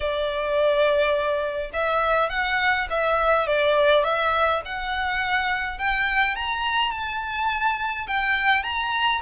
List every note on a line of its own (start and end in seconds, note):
0.00 1.70 D5
1.73 2.29 E5
2.29 2.87 F#5
2.90 3.46 E5
3.46 4.04 D5
4.04 4.61 E5
4.65 5.78 F#5
5.78 6.35 G5
6.35 6.91 A#5
6.91 8.06 A5
8.07 8.63 G5
8.63 9.21 A#5